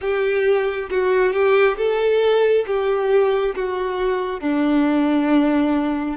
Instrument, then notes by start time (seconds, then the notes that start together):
violin
0.01 G4
0.90 F#4
1.32 G4
1.76 A4
2.66 G4
3.55 F#4
4.40 D4